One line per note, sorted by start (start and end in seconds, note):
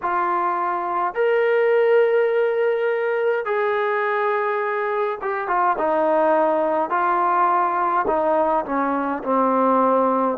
0.02 1.14 F4
1.14 3.45 A#4
3.45 5.18 G#4
5.21 5.47 G4
5.47 5.76 F4
5.77 6.90 D#4
6.90 8.05 F4
8.07 8.64 D#4
8.65 9.23 C#4
9.23 10.37 C4